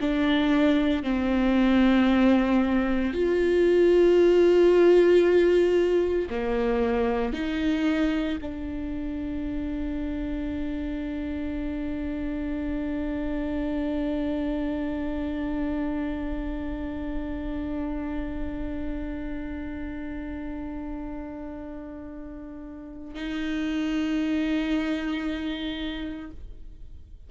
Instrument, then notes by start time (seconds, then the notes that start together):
viola
0.00 D4
1.03 C4
3.13 F4
6.30 A#3
7.33 D#4
8.41 D4
23.14 D#4